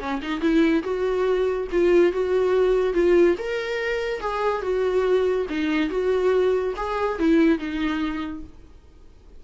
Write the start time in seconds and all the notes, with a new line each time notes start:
0.00 C#4
0.22 D#4
0.41 E4
0.83 F#4
1.72 F4
2.12 F#4
2.94 F4
3.38 A#4
4.21 G#4
4.62 F#4
5.49 D#4
5.90 F#4
6.77 G#4
7.19 E4
7.59 D#4